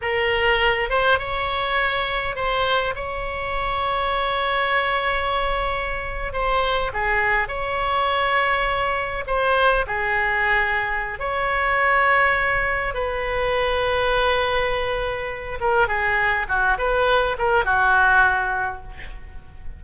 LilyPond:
\new Staff \with { instrumentName = "oboe" } { \time 4/4 \tempo 4 = 102 ais'4. c''8 cis''2 | c''4 cis''2.~ | cis''2~ cis''8. c''4 gis'16~ | gis'8. cis''2. c''16~ |
c''8. gis'2~ gis'16 cis''4~ | cis''2 b'2~ | b'2~ b'8 ais'8 gis'4 | fis'8 b'4 ais'8 fis'2 | }